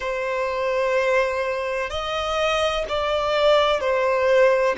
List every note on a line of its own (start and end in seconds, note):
0.00 1.90 C5
1.90 2.85 D#5
2.88 3.80 D5
3.80 4.75 C5